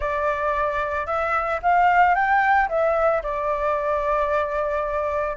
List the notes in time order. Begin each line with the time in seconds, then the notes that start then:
0.00 D5
1.06 E5
1.62 F5
2.15 G5
2.69 E5
3.22 D5